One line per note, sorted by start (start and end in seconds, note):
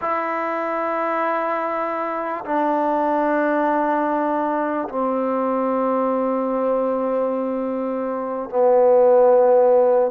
0.01 2.44 E4
2.45 4.88 D4
4.89 8.49 C4
8.49 10.11 B3